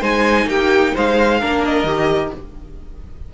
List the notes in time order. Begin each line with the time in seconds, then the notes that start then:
0.00 G#3 D#4 C5 G#5
0.46 A#3 G4 G5
0.94 G#3 C5 F5
1.40 A#3 D4 A#4
1.65 D#5
1.84 D#3 G4